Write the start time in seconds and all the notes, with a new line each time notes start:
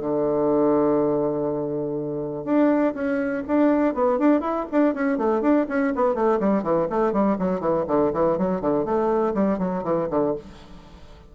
0.00 D3
2.45 D4
2.94 C#4
3.48 D4
3.95 B3
4.19 D4
4.41 E4
4.72 D4
4.94 C#4
5.18 A3
5.42 D4
5.69 C#4
5.96 B3
6.15 A3
6.40 G3
6.63 E3
6.90 A3
7.13 G3
7.39 F#3
7.61 E3
7.88 D3
8.13 E3
8.38 F#3
8.61 D3
8.85 A3
9.35 G3
9.59 F#3
9.84 E3
10.11 D3